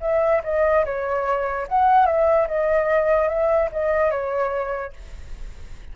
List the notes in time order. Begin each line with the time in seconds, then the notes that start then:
0.00 E5
0.43 D#5
0.85 C#5
1.68 F#5
2.06 E5
2.47 D#5
3.28 E5
3.72 D#5
4.11 C#5